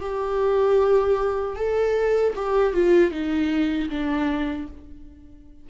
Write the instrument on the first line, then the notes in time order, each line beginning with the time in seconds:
viola
0.00 G4
1.56 A4
2.36 G4
2.73 F4
3.11 D#4
3.89 D4